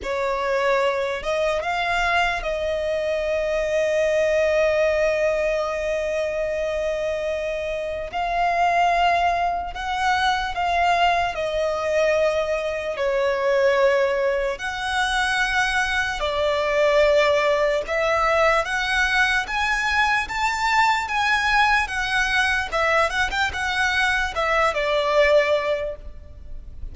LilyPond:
\new Staff \with { instrumentName = "violin" } { \time 4/4 \tempo 4 = 74 cis''4. dis''8 f''4 dis''4~ | dis''1~ | dis''2 f''2 | fis''4 f''4 dis''2 |
cis''2 fis''2 | d''2 e''4 fis''4 | gis''4 a''4 gis''4 fis''4 | e''8 fis''16 g''16 fis''4 e''8 d''4. | }